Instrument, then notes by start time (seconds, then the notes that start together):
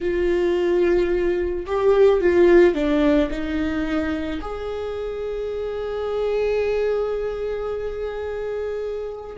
viola
0.00 F4
1.66 G4
2.20 F4
2.74 D4
3.30 D#4
4.41 G#4